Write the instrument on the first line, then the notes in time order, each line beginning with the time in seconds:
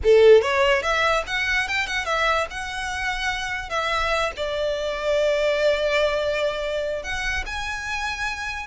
violin
0.03 A4
0.41 C#5
0.82 E5
1.26 F#5
1.67 G5
1.86 F#5
2.05 E5
2.50 F#5
3.69 E5
4.36 D5
7.03 F#5
7.46 G#5